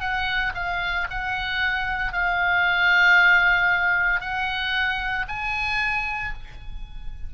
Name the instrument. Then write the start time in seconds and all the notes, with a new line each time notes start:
oboe
0.00 F#5
0.55 F5
1.11 F#5
2.13 F5
4.21 F#5
5.29 G#5